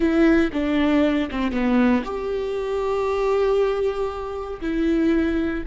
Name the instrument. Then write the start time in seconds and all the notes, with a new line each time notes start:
viola
0.00 E4
0.52 D4
1.31 C4
1.51 B3
2.04 G4
4.61 E4